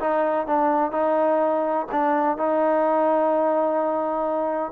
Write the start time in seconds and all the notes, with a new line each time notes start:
0.00 D#4
0.47 D4
0.92 D#4
1.92 D4
2.38 D#4